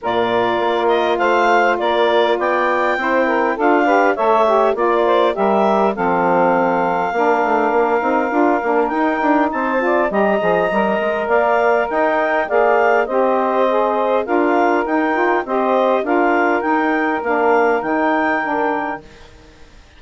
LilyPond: <<
  \new Staff \with { instrumentName = "clarinet" } { \time 4/4 \tempo 4 = 101 d''4. dis''8 f''4 d''4 | g''2 f''4 e''4 | d''4 e''4 f''2~ | f''2. g''4 |
a''4 ais''2 f''4 | g''4 f''4 dis''2 | f''4 g''4 dis''4 f''4 | g''4 f''4 g''2 | }
  \new Staff \with { instrumentName = "saxophone" } { \time 4/4 ais'2 c''4 ais'4 | d''4 c''8 ais'8 a'8 b'8 cis''4 | d''8 c''8 ais'4 a'2 | ais'1 |
c''8 d''8 dis''2 d''4 | dis''4 d''4 c''2 | ais'2 c''4 ais'4~ | ais'1 | }
  \new Staff \with { instrumentName = "saxophone" } { \time 4/4 f'1~ | f'4 e'4 f'8 g'8 a'8 g'8 | f'4 g'4 c'2 | d'4. dis'8 f'8 d'8 dis'4~ |
dis'8 f'8 g'8 gis'8 ais'2~ | ais'4 gis'4 g'4 gis'4 | f'4 dis'8 f'8 g'4 f'4 | dis'4 d'4 dis'4 d'4 | }
  \new Staff \with { instrumentName = "bassoon" } { \time 4/4 ais,4 ais4 a4 ais4 | b4 c'4 d'4 a4 | ais4 g4 f2 | ais8 a8 ais8 c'8 d'8 ais8 dis'8 d'8 |
c'4 g8 f8 g8 gis8 ais4 | dis'4 ais4 c'2 | d'4 dis'4 c'4 d'4 | dis'4 ais4 dis2 | }
>>